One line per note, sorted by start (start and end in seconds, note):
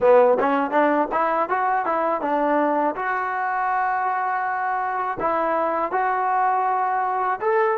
0.00 0.37 B3
0.39 0.70 C#4
0.70 1.07 D4
1.11 1.48 E4
1.48 1.85 F#4
1.85 2.21 E4
2.21 2.95 D4
2.95 5.18 F#4
5.20 5.91 E4
5.91 7.39 F#4
7.40 7.77 A4